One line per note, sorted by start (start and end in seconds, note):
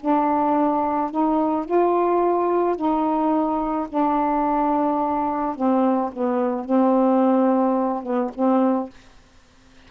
0.00 1.10 D4
1.10 1.65 D#4
1.65 2.76 F4
2.76 3.87 D#4
3.88 5.55 D4
5.55 6.11 C4
6.13 6.64 B3
6.64 8.03 C4
8.03 8.31 B3
8.34 8.89 C4